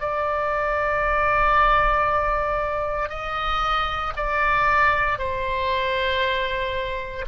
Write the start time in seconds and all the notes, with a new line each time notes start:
0.00 D5
3.09 D#5
4.17 D5
5.18 C5